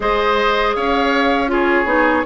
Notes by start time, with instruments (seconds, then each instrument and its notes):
0.00 bassoon G#3, clarinet G#4, oboe C5, flute D#5
0.75 bassoon C#4, oboe C#5, flute F5
1.48 clarinet F4, oboe G#4, flute C#5
1.85 bassoon B3, clarinet D#4